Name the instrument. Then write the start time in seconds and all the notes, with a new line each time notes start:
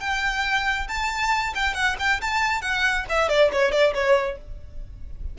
violin
0.00 G5
0.88 A5
1.55 G5
1.74 F#5
1.99 G5
2.21 A5
2.62 F#5
3.09 E5
3.29 D5
3.52 C#5
3.72 D5
3.94 C#5